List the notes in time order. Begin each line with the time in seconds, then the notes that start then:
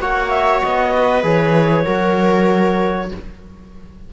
0.00 A#3 F#4 C#5 F#5
0.29 E5
0.62 B3 D#5
0.95 B4
1.22 E3 G#4 C#5
1.84 F#3 F#4 A#4